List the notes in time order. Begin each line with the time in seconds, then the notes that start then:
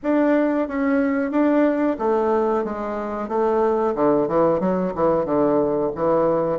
0.02 D4
0.68 C#4
1.31 D4
1.98 A3
2.64 G#3
3.28 A3
3.95 D3
4.28 E3
4.60 F#3
4.95 E3
5.25 D3
5.95 E3